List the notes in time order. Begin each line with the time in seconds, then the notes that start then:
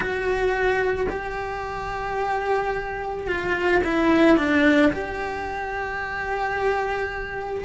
0.00 F#4
1.09 G4
3.27 F4
3.84 E4
4.37 D4
4.92 G4